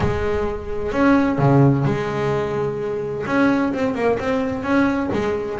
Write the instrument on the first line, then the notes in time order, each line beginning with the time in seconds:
double bass
0.00 G#3
0.92 C#4
1.38 C#3
1.84 G#3
3.26 C#4
3.73 C4
3.95 A#3
4.19 C4
4.63 C#4
5.13 G#3